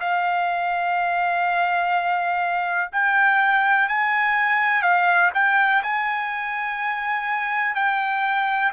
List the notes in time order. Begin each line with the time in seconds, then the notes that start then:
0.00 F5
2.92 G5
3.88 G#5
4.82 F5
5.34 G5
5.83 G#5
7.75 G5